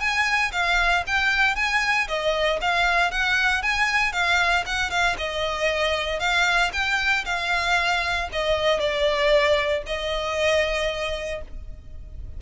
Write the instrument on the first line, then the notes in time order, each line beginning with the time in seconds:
violin
0.00 G#5
0.52 F5
1.07 G5
1.56 G#5
2.08 D#5
2.61 F5
3.11 F#5
3.62 G#5
4.13 F5
4.66 F#5
4.90 F5
5.18 D#5
6.20 F5
6.73 G5
7.25 F5
8.33 D#5
8.80 D5
9.86 D#5